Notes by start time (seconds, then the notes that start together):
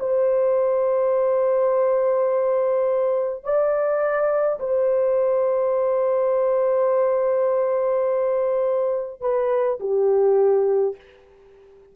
0.00 C5
3.45 D5
4.60 C5
9.22 B4
9.80 G4